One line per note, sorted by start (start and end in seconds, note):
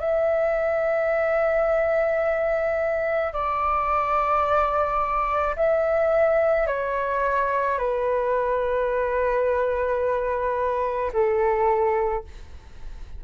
0.00 3.33 E5
3.33 5.56 D5
5.57 6.68 E5
6.68 7.78 C#5
7.78 11.12 B4
11.13 12.24 A4